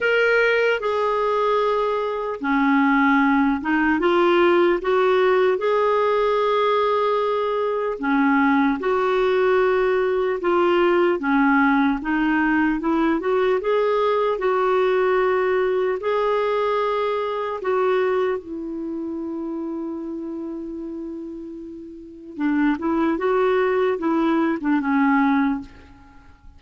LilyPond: \new Staff \with { instrumentName = "clarinet" } { \time 4/4 \tempo 4 = 75 ais'4 gis'2 cis'4~ | cis'8 dis'8 f'4 fis'4 gis'4~ | gis'2 cis'4 fis'4~ | fis'4 f'4 cis'4 dis'4 |
e'8 fis'8 gis'4 fis'2 | gis'2 fis'4 e'4~ | e'1 | d'8 e'8 fis'4 e'8. d'16 cis'4 | }